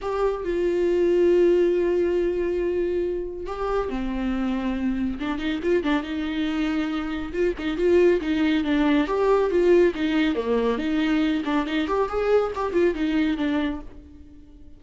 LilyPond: \new Staff \with { instrumentName = "viola" } { \time 4/4 \tempo 4 = 139 g'4 f'2.~ | f'1 | g'4 c'2. | d'8 dis'8 f'8 d'8 dis'2~ |
dis'4 f'8 dis'8 f'4 dis'4 | d'4 g'4 f'4 dis'4 | ais4 dis'4. d'8 dis'8 g'8 | gis'4 g'8 f'8 dis'4 d'4 | }